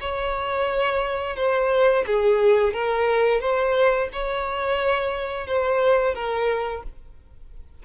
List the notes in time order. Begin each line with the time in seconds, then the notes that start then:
0.00 C#5
1.36 C5
2.06 G#4
2.73 A#4
3.40 C5
4.12 C#5
5.47 C5
6.15 A#4